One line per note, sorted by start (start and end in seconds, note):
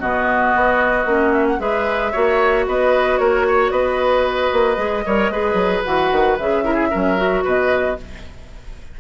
0.00 0.54 B2
0.00 1.06 B3
0.00 1.60 F#4
0.00 1.33 D#5
0.55 1.06 B3
1.06 1.59 A#3
1.06 1.59 C#4
1.33 1.46 E5
1.47 1.60 F#5
1.59 2.13 G#3
1.59 2.12 G#4
1.59 2.12 B4
1.59 2.66 E5
2.12 2.67 A#3
2.12 4.77 F#4
2.12 2.65 C#5
2.67 3.19 B3
2.67 3.20 B4
2.67 3.18 D#5
3.18 3.71 A#3
3.18 3.46 A#4
3.18 3.71 C#5
3.48 3.72 C#5
3.71 4.51 B3
3.71 5.04 B4
3.71 5.83 D#5
4.53 4.77 A#3
4.77 5.04 G#3
4.77 5.03 G#4
5.06 5.30 G3
5.06 5.32 A#4
5.06 5.32 C#5
5.30 5.54 G#3
5.30 5.85 G#4
5.30 6.64 B4
5.54 5.80 F#3
5.84 6.12 E3
5.84 6.38 F#4
5.84 6.37 F#5
6.12 6.38 D#3
6.38 6.93 C#3
6.38 6.64 G#4
6.38 7.44 E5
6.64 6.91 E4
6.64 6.74 A#4
6.74 6.87 G#4
6.91 7.45 F#3
6.91 7.17 C#4
6.91 7.44 A#4
7.17 7.96 F#4
7.44 7.98 B2
7.44 7.97 B4
7.44 8.00 D#5